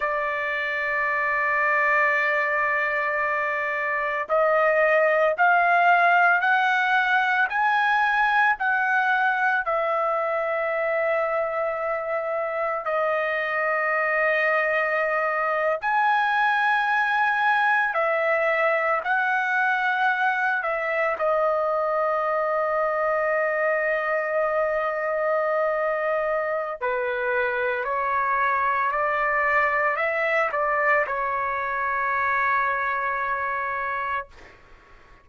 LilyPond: \new Staff \with { instrumentName = "trumpet" } { \time 4/4 \tempo 4 = 56 d''1 | dis''4 f''4 fis''4 gis''4 | fis''4 e''2. | dis''2~ dis''8. gis''4~ gis''16~ |
gis''8. e''4 fis''4. e''8 dis''16~ | dis''1~ | dis''4 b'4 cis''4 d''4 | e''8 d''8 cis''2. | }